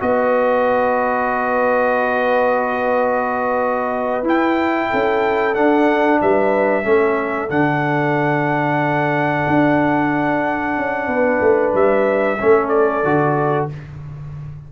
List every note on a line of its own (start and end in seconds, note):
0.00 4.23 B3
0.00 4.24 F#4
0.00 4.90 B4
0.00 4.25 D#5
4.23 4.88 E4
4.23 5.54 E4
4.23 5.55 G5
4.90 5.56 C#4
4.90 6.20 A4
5.54 6.83 D4
5.54 6.21 D4
5.54 6.20 F#5
6.21 6.85 G3
6.21 6.86 B4
6.21 7.50 E5
6.83 7.50 A3
6.83 7.49 C#4
6.83 11.10 A4
7.49 9.45 D3
7.49 12.38 D4
7.49 11.74 F#5
9.47 10.77 D4
10.78 11.07 C#4
11.07 11.40 B3
11.07 12.40 B4
11.40 11.73 A3
11.74 12.39 G3
11.74 12.68 E5
12.39 13.04 A3
12.39 13.04 C#4
12.39 13.72 A4
12.68 13.66 D5
13.04 13.69 D3
13.04 13.70 F#4